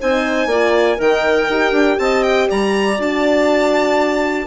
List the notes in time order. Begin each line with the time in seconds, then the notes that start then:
0.00 C4 D#4 C5 G#5
0.47 A#3 F4 D5
0.97 D#3 D#4 A#4 G5
1.49 D#4 G4
1.73 D4
1.99 C4 D#5 A5
2.23 G5
2.49 G3 D5 A#5
2.98 D4 F#4 A5